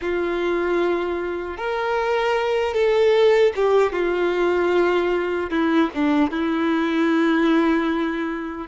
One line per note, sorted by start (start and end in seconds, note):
0.01 1.57 F4
1.57 2.73 A#4
2.73 3.52 A4
3.55 3.92 G4
3.92 5.50 F4
5.50 5.90 E4
5.94 6.31 D4
6.31 8.67 E4